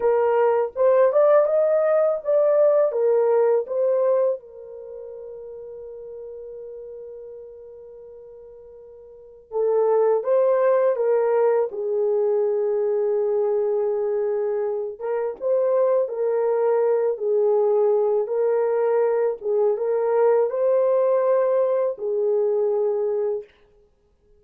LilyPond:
\new Staff \with { instrumentName = "horn" } { \time 4/4 \tempo 4 = 82 ais'4 c''8 d''8 dis''4 d''4 | ais'4 c''4 ais'2~ | ais'1~ | ais'4 a'4 c''4 ais'4 |
gis'1~ | gis'8 ais'8 c''4 ais'4. gis'8~ | gis'4 ais'4. gis'8 ais'4 | c''2 gis'2 | }